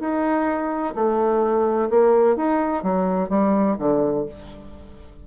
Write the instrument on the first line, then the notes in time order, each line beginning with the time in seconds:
bassoon
0.00 D#4
0.95 A3
1.90 A#3
2.36 D#4
2.83 F#3
3.29 G3
3.79 D3